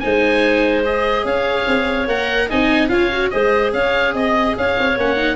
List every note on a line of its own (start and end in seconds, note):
0.00 1.25 G#3
0.00 0.85 D#4
0.00 1.24 C5
0.00 0.82 G#5
0.85 2.08 G#4
0.85 1.26 D#5
1.24 1.67 C#4
1.24 2.48 C#5
1.24 2.09 F5
1.67 2.08 C4
2.08 2.49 A#3
2.08 2.51 A#4
2.08 2.50 F#5
2.49 2.91 C4
2.49 2.89 D#4
2.49 2.90 D#5
2.49 2.89 G#5
2.89 3.32 C#4
2.89 3.10 F4
2.89 3.32 C#5
2.89 3.30 F5
3.12 3.32 F#4
3.31 3.74 G#3
3.31 4.96 G#4
3.31 3.74 C5
3.31 3.72 D#5
3.74 4.14 C#4
3.74 4.15 C#5
3.74 4.15 F5
4.14 4.55 C4
4.14 4.56 D#5
4.14 4.57 D#5
4.58 4.78 C#4
4.58 5.37 C#5
4.58 4.99 F5
4.79 4.98 C4
4.98 5.37 A#3
4.98 5.17 C#4
4.98 5.37 F#5
5.17 5.37 D#4